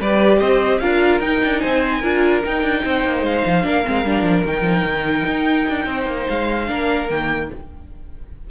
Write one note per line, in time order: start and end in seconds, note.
0.00 0.40 G3
0.00 0.82 G4
0.00 0.39 B4
0.00 0.39 D5
0.39 0.81 C4
0.39 0.79 C5
0.39 0.79 D#5
0.79 1.20 D4
0.79 1.22 F4
0.79 1.61 A#4
0.79 1.20 F5
1.20 1.40 D#4
1.20 2.03 D#4
1.20 1.60 G5
1.44 1.64 D4
1.60 2.03 C4
1.60 2.00 C5
1.60 2.41 G#5
2.00 2.44 D4
2.00 2.43 F4
2.00 2.81 A#4
2.44 3.63 D#4
2.44 2.63 D#4
2.44 3.25 G5
2.63 2.83 D4
2.84 3.04 C4
2.84 3.65 C5
3.04 3.23 A#3
3.23 3.43 G#3
3.23 4.46 F5
3.46 3.65 F3
3.63 3.85 A#3
3.63 3.83 D4
3.63 5.88 A#4
3.85 4.05 G#3
3.85 4.05 C4
4.05 4.23 G3
4.05 4.46 D4
4.23 4.43 F3
4.45 4.62 D#3
4.45 6.67 D#4
4.45 6.29 G5
4.62 4.82 F3
4.85 5.25 D#3
5.26 5.67 D#4
5.68 5.86 D4
5.86 6.06 C4
5.86 6.69 C5
6.06 6.27 A#3
6.29 6.70 G#3
6.29 7.10 F5
6.67 7.10 A#3
6.67 7.08 D4
6.67 7.51 A#4
7.10 7.51 D#3
7.10 7.50 A#3
7.10 7.50 G5